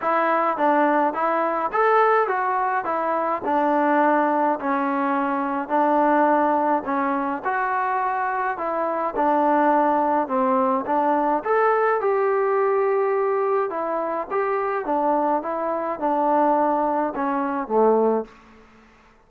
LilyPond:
\new Staff \with { instrumentName = "trombone" } { \time 4/4 \tempo 4 = 105 e'4 d'4 e'4 a'4 | fis'4 e'4 d'2 | cis'2 d'2 | cis'4 fis'2 e'4 |
d'2 c'4 d'4 | a'4 g'2. | e'4 g'4 d'4 e'4 | d'2 cis'4 a4 | }